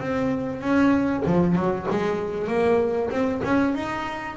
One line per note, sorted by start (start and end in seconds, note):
0.00 0.61 C4
0.61 1.24 C#4
1.26 1.55 F3
1.55 1.87 F#3
1.90 2.47 G#3
2.47 3.10 A#3
3.10 3.41 C4
3.44 3.75 C#4
3.75 4.37 D#4